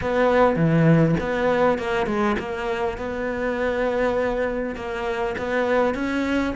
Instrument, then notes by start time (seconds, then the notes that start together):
cello
0.01 B3
0.55 E3
1.20 B3
1.78 A#3
2.06 G#3
2.39 A#3
2.97 B3
4.75 A#3
5.38 B3
5.94 C#4